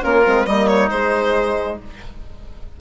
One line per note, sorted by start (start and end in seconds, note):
0.00 0.27 A#3
0.00 0.22 C#4
0.00 0.47 F4
0.00 0.46 A#4
0.25 0.46 G#3
0.25 0.48 C4
0.46 0.90 G3
0.46 0.90 A#3
0.46 1.80 D#4
0.46 0.67 D#5
0.67 0.90 C#5
0.90 1.78 G#3
0.90 1.81 G#3
0.90 1.78 C5